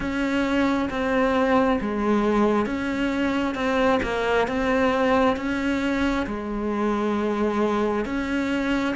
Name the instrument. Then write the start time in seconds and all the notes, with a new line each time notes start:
cello
0.00 C#4
0.90 C4
1.81 G#3
2.66 C#4
3.55 C4
4.03 A#3
4.47 C4
5.36 C#4
6.26 G#3
8.05 C#4